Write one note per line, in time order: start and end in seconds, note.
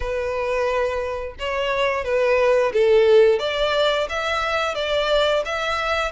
0.00 1.35 B4
1.39 2.04 C#5
2.04 2.72 B4
2.73 3.39 A4
3.39 4.07 D5
4.09 4.74 E5
4.74 5.43 D5
5.45 6.11 E5